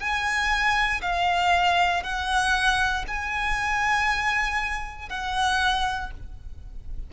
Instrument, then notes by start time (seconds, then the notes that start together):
violin
0.00 G#5
1.02 F5
2.03 F#5
3.08 G#5
5.09 F#5